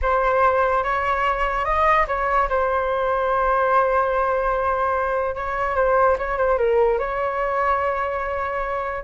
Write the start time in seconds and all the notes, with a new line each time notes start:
0.01 C5
0.83 C#5
1.65 D#5
2.07 C#5
2.49 C5
5.35 C#5
5.75 C5
6.18 C#5
6.37 C5
6.58 A#4
6.98 C#5